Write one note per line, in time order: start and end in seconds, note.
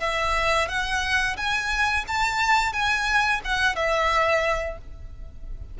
0.00 0.68 E5
0.68 1.37 F#5
1.37 2.05 G#5
2.08 2.73 A5
2.73 3.41 G#5
3.44 3.76 F#5
3.76 4.78 E5